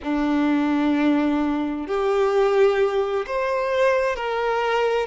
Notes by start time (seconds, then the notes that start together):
0.03 D4
1.87 G4
3.26 C5
4.15 A#4